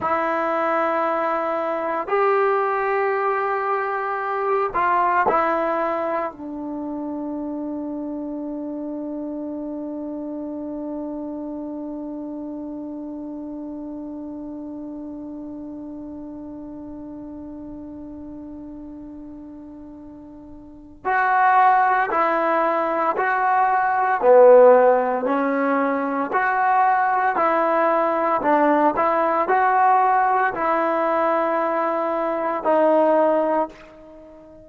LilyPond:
\new Staff \with { instrumentName = "trombone" } { \time 4/4 \tempo 4 = 57 e'2 g'2~ | g'8 f'8 e'4 d'2~ | d'1~ | d'1~ |
d'1 | fis'4 e'4 fis'4 b4 | cis'4 fis'4 e'4 d'8 e'8 | fis'4 e'2 dis'4 | }